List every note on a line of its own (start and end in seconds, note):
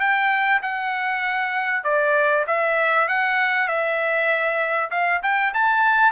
0.00 0.61 G5
0.62 1.84 F#5
1.84 2.45 D5
2.47 3.08 E5
3.09 3.68 F#5
3.68 4.90 E5
4.91 5.22 F5
5.23 5.54 G5
5.54 6.12 A5